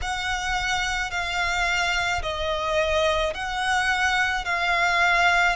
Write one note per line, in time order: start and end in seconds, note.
0.02 1.11 F#5
1.11 2.22 F5
2.22 3.33 D#5
3.34 4.44 F#5
4.44 5.56 F5